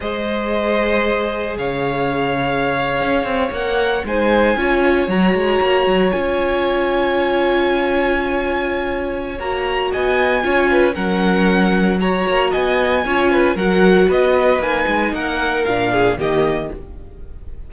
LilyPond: <<
  \new Staff \with { instrumentName = "violin" } { \time 4/4 \tempo 4 = 115 dis''2. f''4~ | f''2~ f''8. fis''4 gis''16~ | gis''4.~ gis''16 ais''2 gis''16~ | gis''1~ |
gis''2 ais''4 gis''4~ | gis''4 fis''2 ais''4 | gis''2 fis''4 dis''4 | gis''4 fis''4 f''4 dis''4 | }
  \new Staff \with { instrumentName = "violin" } { \time 4/4 c''2. cis''4~ | cis''2.~ cis''8. c''16~ | c''8. cis''2.~ cis''16~ | cis''1~ |
cis''2. dis''4 | cis''8 b'8 ais'2 cis''4 | dis''4 cis''8 b'8 ais'4 b'4~ | b'4 ais'4. gis'8 g'4 | }
  \new Staff \with { instrumentName = "viola" } { \time 4/4 gis'1~ | gis'2~ gis'8. ais'4 dis'16~ | dis'8. f'4 fis'2 f'16~ | f'1~ |
f'2 fis'2 | f'4 cis'2 fis'4~ | fis'4 f'4 fis'2 | dis'2 d'4 ais4 | }
  \new Staff \with { instrumentName = "cello" } { \time 4/4 gis2. cis4~ | cis4.~ cis16 cis'8 c'8 ais4 gis16~ | gis8. cis'4 fis8 gis8 ais8 fis8 cis'16~ | cis'1~ |
cis'2 ais4 b4 | cis'4 fis2~ fis8 ais8 | b4 cis'4 fis4 b4 | ais8 gis8 ais4 ais,4 dis4 | }
>>